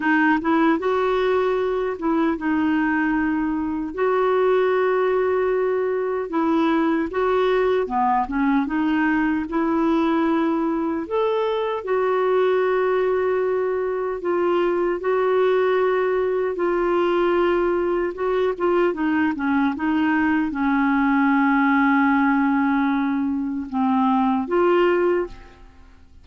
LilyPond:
\new Staff \with { instrumentName = "clarinet" } { \time 4/4 \tempo 4 = 76 dis'8 e'8 fis'4. e'8 dis'4~ | dis'4 fis'2. | e'4 fis'4 b8 cis'8 dis'4 | e'2 a'4 fis'4~ |
fis'2 f'4 fis'4~ | fis'4 f'2 fis'8 f'8 | dis'8 cis'8 dis'4 cis'2~ | cis'2 c'4 f'4 | }